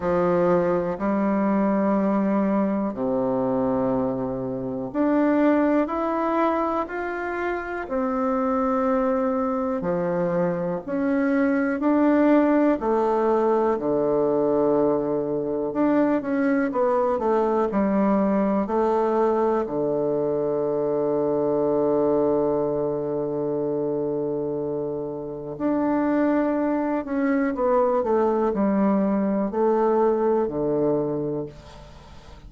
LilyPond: \new Staff \with { instrumentName = "bassoon" } { \time 4/4 \tempo 4 = 61 f4 g2 c4~ | c4 d'4 e'4 f'4 | c'2 f4 cis'4 | d'4 a4 d2 |
d'8 cis'8 b8 a8 g4 a4 | d1~ | d2 d'4. cis'8 | b8 a8 g4 a4 d4 | }